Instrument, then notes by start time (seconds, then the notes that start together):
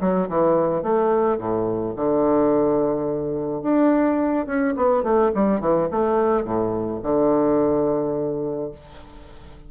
bassoon
0.00 F#3
0.29 E3
0.83 A3
1.38 A2
1.96 D3
3.62 D4
4.46 C#4
4.76 B3
5.03 A3
5.34 G3
5.60 E3
5.91 A3
6.44 A2
7.03 D3